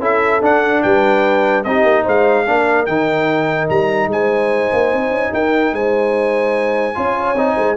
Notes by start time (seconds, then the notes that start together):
0.00 C#4 E4 A4 E5
0.42 D4 F#5
0.83 G3 B4 G5
1.64 C4 D#4 G4 D#5
1.84 A#3
2.04 G#3 C5 F5
2.47 A#3 D4 A#4
2.86 D#3 D#4 G5
3.70 G3 A#5
4.07 G#3 C5 G#5
4.73 A#3
4.94 C4
5.11 C#4
5.34 D#4 A#4 G5
5.73 G#3 C5 G#5
6.95 C#4 F4 C#5
7.35 C4 D#4
7.55 G#3 C5